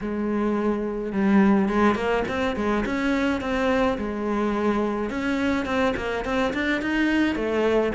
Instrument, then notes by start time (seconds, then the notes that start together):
cello
0.01 G#3
1.12 G3
1.68 G#3
1.95 A#3
2.27 C4
2.56 G#3
2.85 C#4
3.40 C4
3.98 G#3
5.09 C#4
5.65 C4
5.96 A#3
6.24 C4
6.53 D4
6.81 D#4
7.35 A3